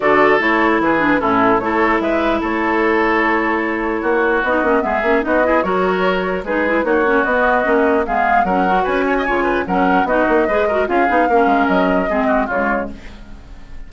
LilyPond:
<<
  \new Staff \with { instrumentName = "flute" } { \time 4/4 \tempo 4 = 149 d''4 cis''4 b'4 a'4 | cis''4 e''4 cis''2~ | cis''2. dis''4 | e''4 dis''4 cis''2 |
b'4 cis''4 dis''2 | f''4 fis''4 gis''2 | fis''4 dis''2 f''4~ | f''4 dis''2 cis''4 | }
  \new Staff \with { instrumentName = "oboe" } { \time 4/4 a'2 gis'4 e'4 | a'4 b'4 a'2~ | a'2 fis'2 | gis'4 fis'8 gis'8 ais'2 |
gis'4 fis'2. | gis'4 ais'4 b'8 cis''16 dis''16 cis''8 b'8 | ais'4 fis'4 b'8 ais'8 gis'4 | ais'2 gis'8 fis'8 f'4 | }
  \new Staff \with { instrumentName = "clarinet" } { \time 4/4 fis'4 e'4. d'8 cis'4 | e'1~ | e'2. dis'8 cis'8 | b8 cis'8 dis'8 e'8 fis'2 |
dis'8 e'8 dis'8 cis'8 b4 cis'4 | b4 cis'8 fis'4. f'4 | cis'4 dis'4 gis'8 fis'8 f'8 dis'8 | cis'2 c'4 gis4 | }
  \new Staff \with { instrumentName = "bassoon" } { \time 4/4 d4 a4 e4 a,4 | a4 gis4 a2~ | a2 ais4 b8 ais8 | gis8 ais8 b4 fis2 |
gis4 ais4 b4 ais4 | gis4 fis4 cis'4 cis4 | fis4 b8 ais8 gis4 cis'8 b8 | ais8 gis8 fis4 gis4 cis4 | }
>>